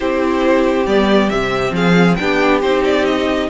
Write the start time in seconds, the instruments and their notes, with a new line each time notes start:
0.00 cello C4, viola E4, violin G4 C5
0.86 cello G3, viola B3, violin D5
1.29 cello C3, viola C4, violin E5
1.71 cello F3, violin G#4 F5
2.15 cello B3, viola D4, violin G4 G5
2.61 cello C4, viola D#4, violin C5
2.84 violin D5
3.05 violin D#5